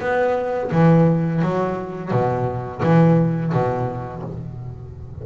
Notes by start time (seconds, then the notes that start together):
0.00 B3
0.72 E3
1.42 F#3
2.11 B2
2.83 E3
3.52 B2